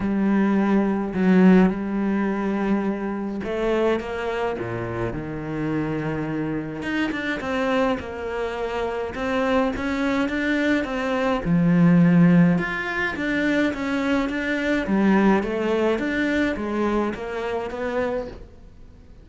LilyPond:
\new Staff \with { instrumentName = "cello" } { \time 4/4 \tempo 4 = 105 g2 fis4 g4~ | g2 a4 ais4 | ais,4 dis2. | dis'8 d'8 c'4 ais2 |
c'4 cis'4 d'4 c'4 | f2 f'4 d'4 | cis'4 d'4 g4 a4 | d'4 gis4 ais4 b4 | }